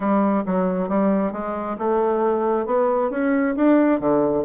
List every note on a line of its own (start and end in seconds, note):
0.00 0.43 G3
0.45 0.88 F#3
0.88 1.32 G3
1.32 1.76 G#3
1.78 2.66 A3
2.66 3.10 B3
3.10 3.55 C#4
3.56 4.00 D4
4.00 4.44 D3